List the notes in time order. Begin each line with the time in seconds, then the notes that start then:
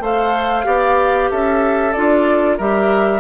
0.00 A3 A4 C5 F5
0.64 B3 G4 D5
1.31 C#4 A4 E5
1.92 D4 F4 D5
2.57 G3 G4 A#4 E5